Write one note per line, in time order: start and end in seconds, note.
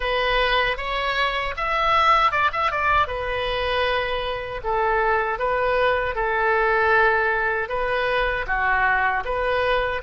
0.00 0.77 B4
0.77 1.54 C#5
1.56 2.31 E5
2.31 2.50 D5
2.52 2.71 E5
2.71 3.07 D5
3.07 4.61 B4
4.63 5.38 A4
5.38 6.15 B4
6.15 7.69 A4
7.69 8.45 B4
8.47 9.23 F#4
9.24 10.01 B4